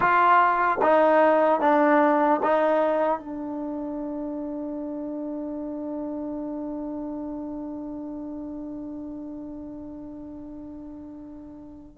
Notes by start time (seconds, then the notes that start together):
0.00 F4
0.81 D#4
1.60 D4
2.43 D#4
3.19 D4